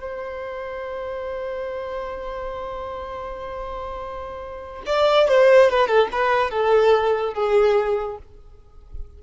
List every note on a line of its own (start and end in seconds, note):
0.00 4.83 C5
4.86 5.28 D5
5.28 5.70 C5
5.70 5.87 B4
5.87 6.08 A4
6.12 6.51 B4
6.51 7.34 A4
7.34 8.18 G#4